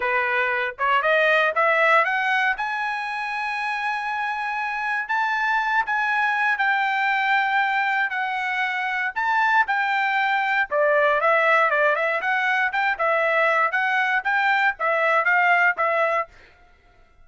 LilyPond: \new Staff \with { instrumentName = "trumpet" } { \time 4/4 \tempo 4 = 118 b'4. cis''8 dis''4 e''4 | fis''4 gis''2.~ | gis''2 a''4. gis''8~ | gis''4 g''2. |
fis''2 a''4 g''4~ | g''4 d''4 e''4 d''8 e''8 | fis''4 g''8 e''4. fis''4 | g''4 e''4 f''4 e''4 | }